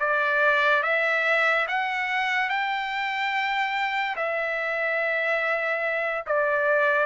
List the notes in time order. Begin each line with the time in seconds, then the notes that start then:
0.00 D5
0.83 E5
1.68 F#5
2.50 G5
4.16 E5
6.27 D5